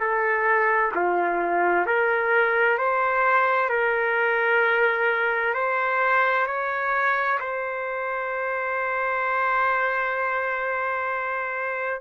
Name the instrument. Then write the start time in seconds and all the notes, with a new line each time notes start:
trumpet
0.00 A4
0.95 F4
1.86 A#4
2.78 C5
3.70 A#4
5.54 C5
6.47 C#5
7.40 C5